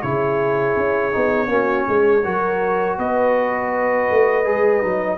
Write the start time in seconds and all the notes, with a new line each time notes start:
0.00 C#3 E4 G#4 C#5
0.77 C#4
1.12 B3 D#4
1.48 A#3 C#4 F#4
1.89 G#3 G#4
2.25 F#3 F#4 A#4
2.98 B3 B4 D#5
4.11 A3
4.45 G#3 G#4
4.82 F#3 D#4